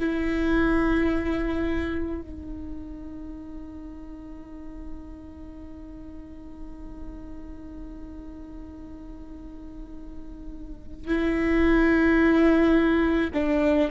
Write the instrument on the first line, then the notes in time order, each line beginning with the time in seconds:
viola
0.00 E4
2.22 D#4
11.08 E4
13.34 D4